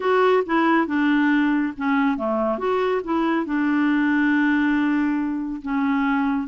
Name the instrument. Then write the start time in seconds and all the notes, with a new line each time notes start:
clarinet
0.00 F#4
0.46 E4
0.86 D4
1.77 C#4
2.17 A3
2.58 F#4
3.04 E4
3.45 D4
5.61 C#4